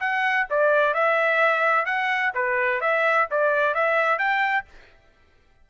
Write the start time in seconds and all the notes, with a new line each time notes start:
0.00 F#5
0.50 D5
0.94 E5
1.86 F#5
2.34 B4
2.81 E5
3.31 D5
3.74 E5
4.18 G5